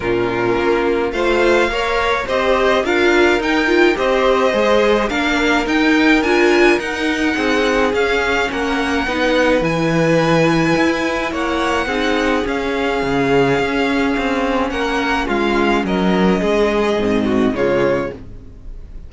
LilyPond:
<<
  \new Staff \with { instrumentName = "violin" } { \time 4/4 \tempo 4 = 106 ais'2 f''2 | dis''4 f''4 g''4 dis''4~ | dis''4 f''4 g''4 gis''4 | fis''2 f''4 fis''4~ |
fis''4 gis''2. | fis''2 f''2~ | f''2 fis''4 f''4 | dis''2. cis''4 | }
  \new Staff \with { instrumentName = "violin" } { \time 4/4 f'2 c''4 cis''4 | c''4 ais'2 c''4~ | c''4 ais'2.~ | ais'4 gis'2 ais'4 |
b'1 | cis''4 gis'2.~ | gis'2 ais'4 f'4 | ais'4 gis'4. fis'8 f'4 | }
  \new Staff \with { instrumentName = "viola" } { \time 4/4 cis'2 f'4 ais'4 | g'4 f'4 dis'8 f'8 g'4 | gis'4 d'4 dis'4 f'4 | dis'2 cis'2 |
dis'4 e'2.~ | e'4 dis'4 cis'2~ | cis'1~ | cis'2 c'4 gis4 | }
  \new Staff \with { instrumentName = "cello" } { \time 4/4 ais,4 ais4 a4 ais4 | c'4 d'4 dis'4 c'4 | gis4 ais4 dis'4 d'4 | dis'4 c'4 cis'4 ais4 |
b4 e2 e'4 | ais4 c'4 cis'4 cis4 | cis'4 c'4 ais4 gis4 | fis4 gis4 gis,4 cis4 | }
>>